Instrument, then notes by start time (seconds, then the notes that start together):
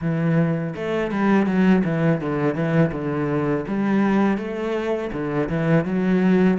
cello
0.01 E3
0.75 A3
1.11 G3
1.46 F#3
1.84 E3
2.20 D3
2.54 E3
2.92 D3
3.67 G3
4.37 A3
5.12 D3
5.49 E3
5.84 F#3